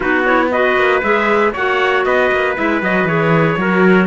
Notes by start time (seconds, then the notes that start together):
0.00 B3 D#4 F#4 B4
0.24 E4 C#5
0.51 F#4 B4 D#5
0.76 A#3
1.02 G#3 G#4 E5
1.52 A#3 F#4 C#5 F#5
2.05 B3 B4 D#5
2.31 A#3
2.56 G#3 E4 E5
2.82 F#3 F#4 D#5
3.03 E3 G#4 C#5
3.57 F#3 F#4 A#4